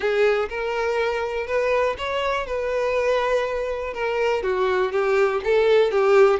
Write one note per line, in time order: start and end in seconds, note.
0.00 0.48 G#4
0.49 1.46 A#4
1.46 1.96 B4
1.97 2.46 C#5
2.46 3.93 B4
3.93 4.42 A#4
4.42 4.92 F#4
4.92 5.41 G4
5.43 5.91 A4
5.91 6.39 G4